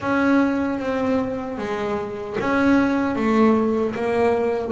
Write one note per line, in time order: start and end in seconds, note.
0.00 0.79 C#4
0.79 1.58 C4
1.58 2.36 G#3
2.40 3.15 C#4
3.15 3.94 A3
3.95 4.72 A#3